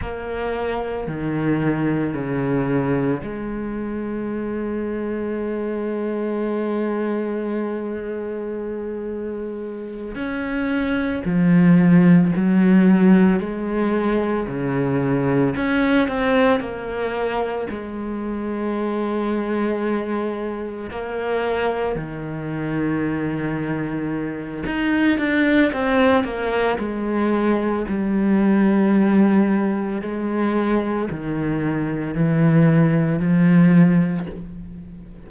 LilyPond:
\new Staff \with { instrumentName = "cello" } { \time 4/4 \tempo 4 = 56 ais4 dis4 cis4 gis4~ | gis1~ | gis4. cis'4 f4 fis8~ | fis8 gis4 cis4 cis'8 c'8 ais8~ |
ais8 gis2. ais8~ | ais8 dis2~ dis8 dis'8 d'8 | c'8 ais8 gis4 g2 | gis4 dis4 e4 f4 | }